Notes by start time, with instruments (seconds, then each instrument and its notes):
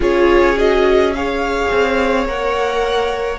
0.00 cello C#4, viola F4, violin G#4 C#5
0.56 viola F#4, violin D#5
1.14 viola G#4, violin C#5 F5
1.71 cello C4
2.26 cello A#3, viola A#4, violin F#5